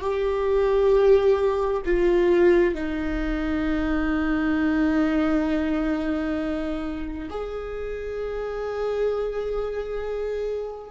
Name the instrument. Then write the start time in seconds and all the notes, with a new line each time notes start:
viola
0.00 G4
1.86 F4
2.74 D#4
7.30 G#4